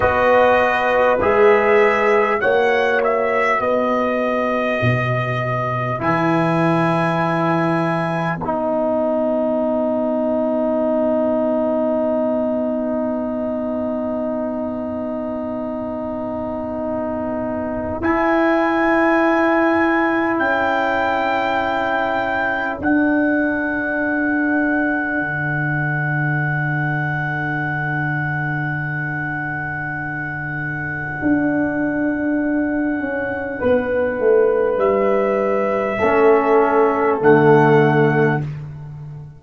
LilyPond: <<
  \new Staff \with { instrumentName = "trumpet" } { \time 4/4 \tempo 4 = 50 dis''4 e''4 fis''8 e''8 dis''4~ | dis''4 gis''2 fis''4~ | fis''1~ | fis''2. gis''4~ |
gis''4 g''2 fis''4~ | fis''1~ | fis''1~ | fis''4 e''2 fis''4 | }
  \new Staff \with { instrumentName = "horn" } { \time 4/4 b'2 cis''4 b'4~ | b'1~ | b'1~ | b'1~ |
b'4 a'2.~ | a'1~ | a'1 | b'2 a'2 | }
  \new Staff \with { instrumentName = "trombone" } { \time 4/4 fis'4 gis'4 fis'2~ | fis'4 e'2 dis'4~ | dis'1~ | dis'2. e'4~ |
e'2. d'4~ | d'1~ | d'1~ | d'2 cis'4 a4 | }
  \new Staff \with { instrumentName = "tuba" } { \time 4/4 b4 gis4 ais4 b4 | b,4 e2 b4~ | b1~ | b2. e'4~ |
e'4 cis'2 d'4~ | d'4 d2.~ | d2 d'4. cis'8 | b8 a8 g4 a4 d4 | }
>>